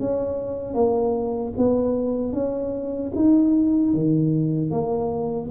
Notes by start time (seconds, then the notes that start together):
0.00 C#4
0.75 A#3
1.58 B3
2.33 C#4
3.15 D#4
3.94 D#3
4.71 A#3